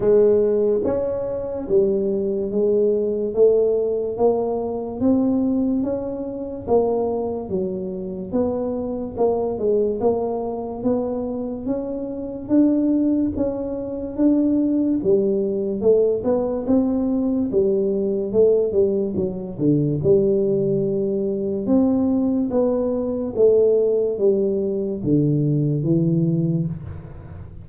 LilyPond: \new Staff \with { instrumentName = "tuba" } { \time 4/4 \tempo 4 = 72 gis4 cis'4 g4 gis4 | a4 ais4 c'4 cis'4 | ais4 fis4 b4 ais8 gis8 | ais4 b4 cis'4 d'4 |
cis'4 d'4 g4 a8 b8 | c'4 g4 a8 g8 fis8 d8 | g2 c'4 b4 | a4 g4 d4 e4 | }